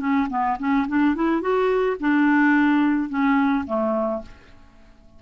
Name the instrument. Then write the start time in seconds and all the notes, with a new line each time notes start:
clarinet
0.00 C#4
0.30 B3
0.59 C#4
0.88 D4
1.15 E4
1.42 F#4
2.00 D4
3.09 C#4
3.67 A3